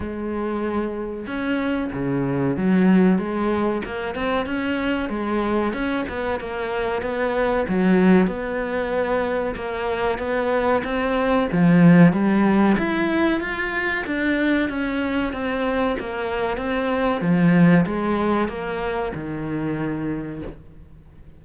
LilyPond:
\new Staff \with { instrumentName = "cello" } { \time 4/4 \tempo 4 = 94 gis2 cis'4 cis4 | fis4 gis4 ais8 c'8 cis'4 | gis4 cis'8 b8 ais4 b4 | fis4 b2 ais4 |
b4 c'4 f4 g4 | e'4 f'4 d'4 cis'4 | c'4 ais4 c'4 f4 | gis4 ais4 dis2 | }